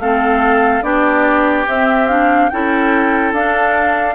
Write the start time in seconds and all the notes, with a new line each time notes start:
0.00 A3 C4 A4 F5
0.83 B3 D4 G4 D5
1.67 C4 E5
2.09 D4 F5
2.49 C#4 E4 A4 G5
3.33 D4 F5